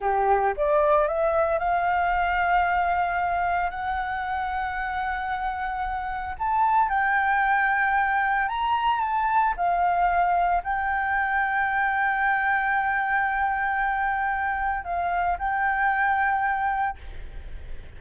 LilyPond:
\new Staff \with { instrumentName = "flute" } { \time 4/4 \tempo 4 = 113 g'4 d''4 e''4 f''4~ | f''2. fis''4~ | fis''1 | a''4 g''2. |
ais''4 a''4 f''2 | g''1~ | g''1 | f''4 g''2. | }